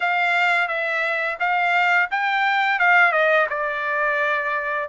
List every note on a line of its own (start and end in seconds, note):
0.00 0.68 F5
0.68 1.38 E5
1.39 2.09 F5
2.11 2.79 G5
2.79 3.11 F5
3.11 3.46 D#5
3.49 4.88 D5